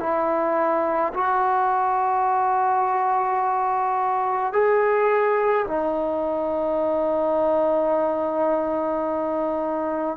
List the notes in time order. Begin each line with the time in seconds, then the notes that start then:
0.00 E4
1.14 F#4
4.53 G#4
5.67 D#4